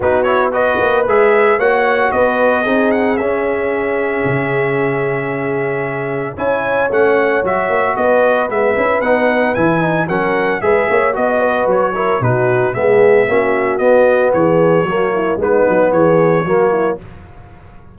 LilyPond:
<<
  \new Staff \with { instrumentName = "trumpet" } { \time 4/4 \tempo 4 = 113 b'8 cis''8 dis''4 e''4 fis''4 | dis''4. fis''8 e''2~ | e''1 | gis''4 fis''4 e''4 dis''4 |
e''4 fis''4 gis''4 fis''4 | e''4 dis''4 cis''4 b'4 | e''2 dis''4 cis''4~ | cis''4 b'4 cis''2 | }
  \new Staff \with { instrumentName = "horn" } { \time 4/4 fis'4 b'2 cis''4 | b'4 gis'2.~ | gis'1 | cis''2. b'4~ |
b'2. ais'4 | b'8 cis''8 dis''8 b'4 ais'8 fis'4 | gis'4 fis'2 gis'4 | fis'8 e'8 dis'4 gis'4 fis'8 e'8 | }
  \new Staff \with { instrumentName = "trombone" } { \time 4/4 dis'8 e'8 fis'4 gis'4 fis'4~ | fis'4 dis'4 cis'2~ | cis'1 | e'4 cis'4 fis'2 |
b8 e'8 dis'4 e'8 dis'8 cis'4 | gis'4 fis'4. e'8 dis'4 | b4 cis'4 b2 | ais4 b2 ais4 | }
  \new Staff \with { instrumentName = "tuba" } { \time 4/4 b4. ais8 gis4 ais4 | b4 c'4 cis'2 | cis1 | cis'4 a4 fis8 ais8 b4 |
gis8 cis'8 b4 e4 fis4 | gis8 ais8 b4 fis4 b,4 | gis4 ais4 b4 e4 | fis4 gis8 fis8 e4 fis4 | }
>>